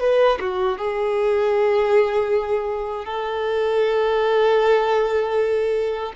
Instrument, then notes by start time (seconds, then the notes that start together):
violin
0.00 B4
0.40 F#4
0.78 G#4
3.05 A4